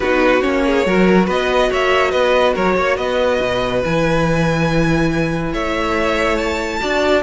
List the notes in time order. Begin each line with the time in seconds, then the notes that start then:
0.00 B3 D#4 F#4 B4
0.41 A#3 C#4 C#5
0.66 G#4
0.85 F#3 F#4 A#4
1.26 B3 B4 D#5
1.70 A#3 C#5 E5
2.11 B3 B4 D#5
2.53 F#3 A#4 C#5
2.77 A#3 C#5
2.96 B3 B4 D#5
3.41 B2
3.82 E3 E4 G#5
5.52 A3 C#5 E5
6.37 A5
6.80 D4 F#4 D5